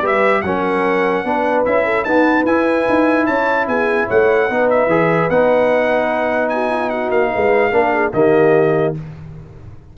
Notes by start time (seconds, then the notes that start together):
0.00 G3 G4 B4 E5
0.41 F#3 C#4 A#4 F#5
1.24 B3 D4 B4
1.65 C#4 E4 E5
1.85 A4
2.04 B3 D#4 B4 A5
2.44 E4 G#5
2.89 D#4
3.26 C#4 C#5 A5
3.67 B3 G#4 G#5
4.07 A3 C#5 F#5
4.47 B3 D#4 B4
4.69 E5
4.86 E3 G#4
5.30 B3 D#4 F#5
6.49 F#4 G#5
6.70 F4
6.90 F#4 F#5
7.10 A#3 F5
7.32 G#3 B4
7.71 A#3 D4 A#4
7.93 G#4
8.13 D#3 A#3 G4 D#5